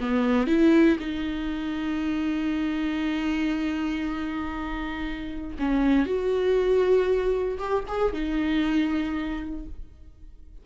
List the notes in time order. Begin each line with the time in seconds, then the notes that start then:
0.00 B3
0.47 E4
0.99 D#4
5.59 C#4
6.06 F#4
7.59 G4
7.88 G#4
8.13 D#4